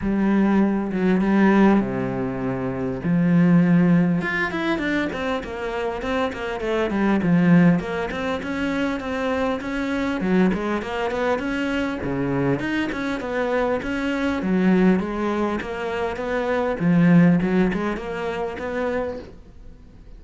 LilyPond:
\new Staff \with { instrumentName = "cello" } { \time 4/4 \tempo 4 = 100 g4. fis8 g4 c4~ | c4 f2 f'8 e'8 | d'8 c'8 ais4 c'8 ais8 a8 g8 | f4 ais8 c'8 cis'4 c'4 |
cis'4 fis8 gis8 ais8 b8 cis'4 | cis4 dis'8 cis'8 b4 cis'4 | fis4 gis4 ais4 b4 | f4 fis8 gis8 ais4 b4 | }